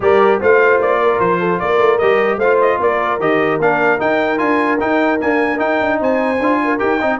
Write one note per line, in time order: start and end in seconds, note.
0.00 0.39 G3
0.00 0.40 G4
0.00 0.40 A#4
0.00 0.42 D5
0.40 0.79 A3
0.40 2.01 F4
0.40 1.00 C5
0.40 0.81 F5
0.79 1.19 A#3
0.79 1.19 D5
1.02 1.39 A#4
1.19 1.59 F3
1.19 1.59 C5
1.39 1.59 A4
1.59 1.78 A#3
1.59 2.38 A#4
1.59 1.98 D5
1.78 1.98 A3
1.98 2.37 G3
1.98 2.42 G4
1.98 2.38 D#5
2.37 2.77 A3
2.37 3.20 F4
2.37 2.78 C5
2.37 2.59 F5
2.61 2.81 D#5
2.79 3.19 A#3
2.79 6.00 A#4
2.79 3.20 D5
3.19 3.58 D#3
3.19 3.60 G4
3.19 3.60 D#5
3.58 3.98 A#3
3.58 3.98 D4
3.58 4.00 F5
3.98 4.37 D#4
3.98 4.40 D#4
3.98 4.38 G5
4.37 4.80 D4
4.37 4.77 F4
4.37 4.78 G#5
4.79 5.20 D#4
4.79 5.22 D#4
4.79 5.20 G5
5.20 5.57 A#3
5.20 5.59 D4
5.20 5.59 G#5
5.57 6.37 D#4
5.57 5.79 D#4
5.57 5.99 G5
5.80 6.00 D4
6.00 6.39 C4
6.00 6.60 C5
6.00 6.79 G#5
6.39 6.79 D4
6.39 6.78 F4
6.64 7.01 A#4
6.78 7.02 D#4
6.78 6.98 G4
6.78 7.19 G5
7.00 7.20 C4
7.00 7.20 D#4
7.00 7.20 D#5